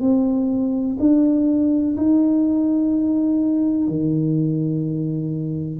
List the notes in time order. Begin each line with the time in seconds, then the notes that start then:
0.00 C4
0.99 D4
1.97 D#4
3.88 D#3